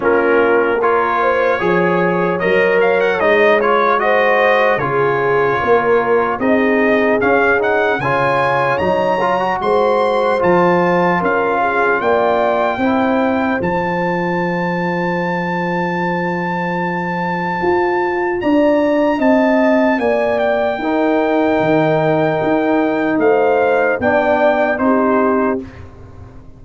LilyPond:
<<
  \new Staff \with { instrumentName = "trumpet" } { \time 4/4 \tempo 4 = 75 ais'4 cis''2 dis''8 f''16 fis''16 | dis''8 cis''8 dis''4 cis''2 | dis''4 f''8 fis''8 gis''4 ais''4 | c'''4 a''4 f''4 g''4~ |
g''4 a''2.~ | a''2. ais''4 | a''4 gis''8 g''2~ g''8~ | g''4 f''4 g''4 c''4 | }
  \new Staff \with { instrumentName = "horn" } { \time 4/4 f'4 ais'8 c''8 cis''2~ | cis''4 c''4 gis'4 ais'4 | gis'2 cis''2 | c''2 ais'8 gis'8 d''4 |
c''1~ | c''2. d''4 | dis''4 d''4 ais'2~ | ais'4 c''4 d''4 g'4 | }
  \new Staff \with { instrumentName = "trombone" } { \time 4/4 cis'4 f'4 gis'4 ais'4 | dis'8 f'8 fis'4 f'2 | dis'4 cis'8 dis'8 f'4 dis'8 f'16 fis'16~ | fis'4 f'2. |
e'4 f'2.~ | f'1~ | f'2 dis'2~ | dis'2 d'4 dis'4 | }
  \new Staff \with { instrumentName = "tuba" } { \time 4/4 ais2 f4 fis4 | gis2 cis4 ais4 | c'4 cis'4 cis4 fis4 | gis4 f4 cis'4 ais4 |
c'4 f2.~ | f2 f'4 d'4 | c'4 ais4 dis'4 dis4 | dis'4 a4 b4 c'4 | }
>>